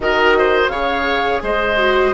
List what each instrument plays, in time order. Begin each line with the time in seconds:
0.00 bassoon D#3, viola F#4, oboe A#4, flute D#5
0.38 oboe C5
0.68 bassoon C#3, viola G#4, oboe C#5, flute F5
1.42 bassoon G#3, oboe C5, flute D#5
1.77 viola F#4